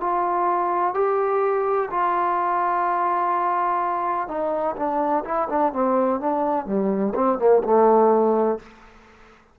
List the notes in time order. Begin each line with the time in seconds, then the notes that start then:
0.00 F4
0.94 G4
1.90 F4
4.28 D#4
4.76 D4
5.25 E4
5.49 D4
5.73 C4
6.20 D4
6.66 G3
7.15 C4
7.39 A#3
7.64 A3